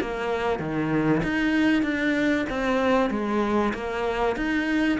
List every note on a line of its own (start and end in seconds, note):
0.00 0.59 A#3
0.59 1.21 D#3
1.23 1.82 D#4
1.82 2.45 D4
2.49 3.10 C4
3.10 3.72 G#3
3.73 4.36 A#3
4.36 4.98 D#4